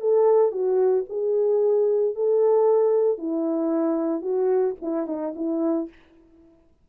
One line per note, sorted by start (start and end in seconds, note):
0.00 0.51 A4
0.51 1.04 F#4
1.09 2.15 G#4
2.15 3.18 A4
3.18 4.21 E4
4.21 4.74 F#4
4.81 5.07 E4
5.07 5.33 D#4
5.35 5.88 E4